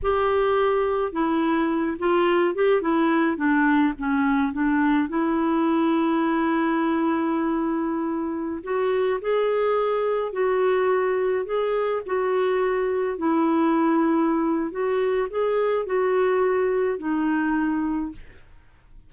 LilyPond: \new Staff \with { instrumentName = "clarinet" } { \time 4/4 \tempo 4 = 106 g'2 e'4. f'8~ | f'8 g'8 e'4 d'4 cis'4 | d'4 e'2.~ | e'2.~ e'16 fis'8.~ |
fis'16 gis'2 fis'4.~ fis'16~ | fis'16 gis'4 fis'2 e'8.~ | e'2 fis'4 gis'4 | fis'2 dis'2 | }